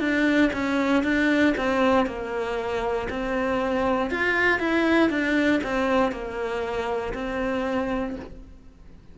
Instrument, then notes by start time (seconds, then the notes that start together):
cello
0.00 D4
0.53 C#4
1.04 D4
1.58 C4
2.07 A#3
3.10 C4
4.11 F4
4.59 E4
5.10 D4
5.63 C4
6.12 A#3
7.14 C4